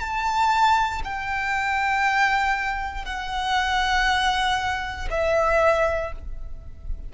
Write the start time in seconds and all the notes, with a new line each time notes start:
0.00 A5
1.04 G5
3.05 F#5
5.10 E5